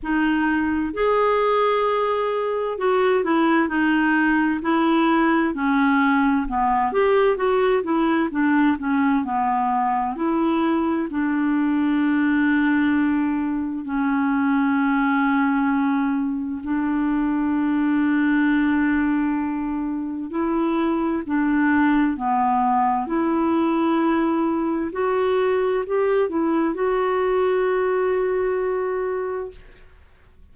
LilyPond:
\new Staff \with { instrumentName = "clarinet" } { \time 4/4 \tempo 4 = 65 dis'4 gis'2 fis'8 e'8 | dis'4 e'4 cis'4 b8 g'8 | fis'8 e'8 d'8 cis'8 b4 e'4 | d'2. cis'4~ |
cis'2 d'2~ | d'2 e'4 d'4 | b4 e'2 fis'4 | g'8 e'8 fis'2. | }